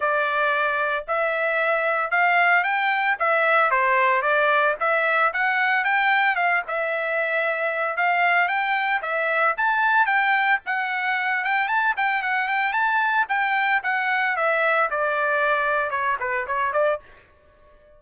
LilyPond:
\new Staff \with { instrumentName = "trumpet" } { \time 4/4 \tempo 4 = 113 d''2 e''2 | f''4 g''4 e''4 c''4 | d''4 e''4 fis''4 g''4 | f''8 e''2~ e''8 f''4 |
g''4 e''4 a''4 g''4 | fis''4. g''8 a''8 g''8 fis''8 g''8 | a''4 g''4 fis''4 e''4 | d''2 cis''8 b'8 cis''8 d''8 | }